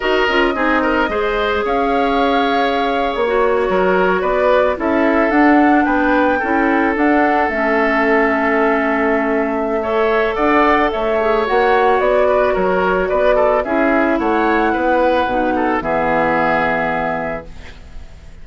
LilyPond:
<<
  \new Staff \with { instrumentName = "flute" } { \time 4/4 \tempo 4 = 110 dis''2. f''4~ | f''4.~ f''16 cis''2 d''16~ | d''8. e''4 fis''4 g''4~ g''16~ | g''8. fis''4 e''2~ e''16~ |
e''2. fis''4 | e''4 fis''4 d''4 cis''4 | d''4 e''4 fis''2~ | fis''4 e''2. | }
  \new Staff \with { instrumentName = "oboe" } { \time 4/4 ais'4 gis'8 ais'8 c''4 cis''4~ | cis''2~ cis''8. ais'4 b'16~ | b'8. a'2 b'4 a'16~ | a'1~ |
a'2 cis''4 d''4 | cis''2~ cis''8 b'8 ais'4 | b'8 a'8 gis'4 cis''4 b'4~ | b'8 a'8 gis'2. | }
  \new Staff \with { instrumentName = "clarinet" } { \time 4/4 fis'8 f'8 dis'4 gis'2~ | gis'2 fis'2~ | fis'8. e'4 d'2 e'16~ | e'8. d'4 cis'2~ cis'16~ |
cis'2 a'2~ | a'8 gis'8 fis'2.~ | fis'4 e'2. | dis'4 b2. | }
  \new Staff \with { instrumentName = "bassoon" } { \time 4/4 dis'8 cis'8 c'4 gis4 cis'4~ | cis'4.~ cis'16 ais4 fis4 b16~ | b8. cis'4 d'4 b4 cis'16~ | cis'8. d'4 a2~ a16~ |
a2. d'4 | a4 ais4 b4 fis4 | b4 cis'4 a4 b4 | b,4 e2. | }
>>